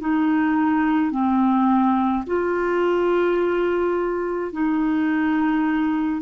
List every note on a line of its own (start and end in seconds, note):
0.00 1.11 D#4
1.11 2.24 C4
2.26 4.52 F4
4.52 6.21 D#4